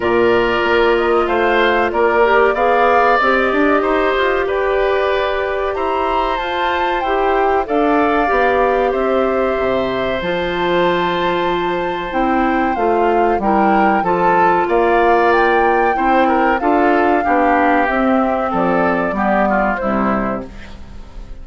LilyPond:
<<
  \new Staff \with { instrumentName = "flute" } { \time 4/4 \tempo 4 = 94 d''4. dis''8 f''4 d''4 | f''4 dis''2 d''4~ | d''4 ais''4 a''4 g''4 | f''2 e''2 |
a''2. g''4 | f''4 g''4 a''4 f''4 | g''2 f''2 | e''4 d''2 c''4 | }
  \new Staff \with { instrumentName = "oboe" } { \time 4/4 ais'2 c''4 ais'4 | d''2 c''4 b'4~ | b'4 c''2. | d''2 c''2~ |
c''1~ | c''4 ais'4 a'4 d''4~ | d''4 c''8 ais'8 a'4 g'4~ | g'4 a'4 g'8 f'8 e'4 | }
  \new Staff \with { instrumentName = "clarinet" } { \time 4/4 f'2.~ f'8 g'8 | gis'4 g'2.~ | g'2 f'4 g'4 | a'4 g'2. |
f'2. e'4 | f'4 e'4 f'2~ | f'4 e'4 f'4 d'4 | c'2 b4 g4 | }
  \new Staff \with { instrumentName = "bassoon" } { \time 4/4 ais,4 ais4 a4 ais4 | b4 c'8 d'8 dis'8 f'8 g'4~ | g'4 e'4 f'4 e'4 | d'4 b4 c'4 c4 |
f2. c'4 | a4 g4 f4 ais4~ | ais4 c'4 d'4 b4 | c'4 f4 g4 c4 | }
>>